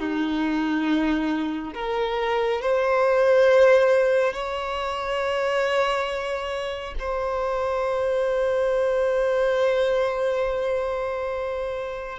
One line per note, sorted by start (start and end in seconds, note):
0.00 1.74 D#4
1.75 2.62 A#4
2.62 4.34 C5
4.34 6.95 C#5
7.00 12.19 C5